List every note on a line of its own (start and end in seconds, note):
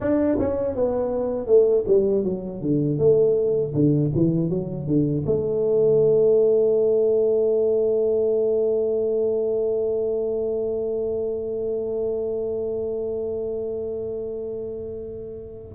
0.00 0.38 D4
0.39 0.75 C#4
0.75 1.46 B3
1.46 1.84 A3
1.87 2.24 G3
2.24 2.61 F#3
2.61 2.98 D3
2.98 3.73 A3
3.73 4.11 D3
4.15 4.49 E3
4.49 4.86 F#3
4.86 5.24 D3
5.25 15.74 A3